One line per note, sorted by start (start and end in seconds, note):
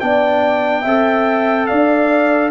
0.00 0.85 B3
0.00 0.84 D4
0.00 0.82 D5
0.00 1.66 G5
0.82 1.68 C4
0.82 2.50 A4
0.82 1.65 E5
1.66 2.50 D4
1.66 2.50 D5
1.66 2.49 F5